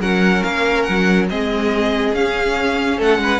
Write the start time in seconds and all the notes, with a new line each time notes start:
0.00 F#3 C#4 A#4 F#5
0.44 A#3 F5
0.83 F#3 F#5
1.29 G#3 C4 G#4 D#5
2.13 C#4 F5
2.98 A3 A4 F#5
3.18 G#3 B4